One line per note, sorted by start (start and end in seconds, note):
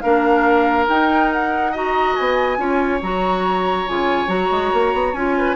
0.00 0.88 A#3
0.00 0.88 D4
0.00 1.72 A#4
0.00 0.85 F5
0.88 2.15 D#4
0.88 1.74 D#4
0.88 1.31 G5
1.32 1.75 F#5
1.72 2.58 F#4
1.72 2.57 D#5
1.72 2.15 A#5
2.15 2.58 B3
2.15 3.00 G#5
2.58 3.00 C#4
2.58 3.00 F4
2.58 5.37 C#5
3.02 3.87 F#3
3.02 3.87 F#4
3.02 3.88 A#5
3.87 4.27 C#3
3.87 4.28 F4
3.87 4.29 G#5
4.27 4.49 F#3
4.27 5.13 F#4
4.27 5.14 A#5
4.51 4.72 G#3
4.73 4.93 A#3
4.93 5.13 B3
5.13 5.55 C#4
5.13 5.56 F4
5.13 5.56 G#5
5.38 5.56 B4